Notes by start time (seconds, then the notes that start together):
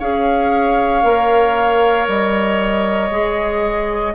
0.00 C#4 G#4 C#5 F5
1.03 A#3 A#4
2.08 G3 D#5
3.11 G#3 G#4